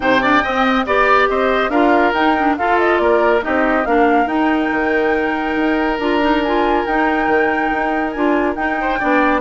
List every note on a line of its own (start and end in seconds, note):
0.00 0.42 C3
0.00 0.19 D#4
0.00 0.21 C5
0.00 0.85 G5
0.21 0.43 D4
0.21 0.42 D5
0.42 0.86 C4
0.42 0.85 D#5
0.85 1.28 B3
0.85 1.72 G4
0.85 1.28 D5
0.85 1.29 D5
1.29 1.69 C4
1.29 1.70 C5
1.29 1.70 D#5
1.69 2.12 D4
1.69 2.15 F4
1.69 2.56 A#4
1.69 2.12 F5
2.13 2.56 D#4
2.13 2.37 D#4
2.13 2.56 G5
2.37 2.58 D4
2.57 2.99 F4
2.57 3.40 F4
2.57 3.02 A4
2.57 2.78 F5
2.78 2.98 D#5
2.98 3.42 A#3
2.98 3.44 A#4
2.98 3.40 D5
3.40 3.83 D#4
3.40 3.87 G4
3.40 3.85 D#5
3.47 3.85 C4
3.85 4.26 A#3
3.85 4.27 D4
3.85 8.80 A#4
3.85 4.27 F5
4.26 4.68 D#4
4.26 5.98 D#4
4.26 5.99 G5
4.70 5.56 D#3
5.56 5.98 D#4
5.98 6.84 D4
5.98 6.21 F4
5.98 6.42 A#5
6.21 6.42 D#4
6.42 6.87 F4
6.42 6.85 G#5
6.85 7.27 D#4
6.85 8.15 D#4
6.85 8.10 G5
7.27 7.70 D#3
7.72 8.15 D#4
8.10 8.55 D4
8.10 8.55 F4
8.10 8.53 G#5
8.55 8.98 D#4
8.55 9.41 G5
8.80 8.99 C5
8.99 9.41 B3
8.99 9.41 D4
8.99 9.41 D5